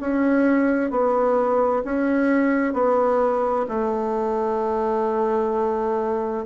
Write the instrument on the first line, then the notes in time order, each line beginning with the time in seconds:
bassoon
0.00 C#4
0.91 B3
1.85 C#4
2.73 B3
3.68 A3